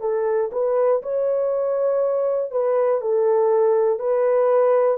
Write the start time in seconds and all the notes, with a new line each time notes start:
0.00 A4
0.51 B4
1.02 C#5
2.50 B4
3.00 A4
3.99 B4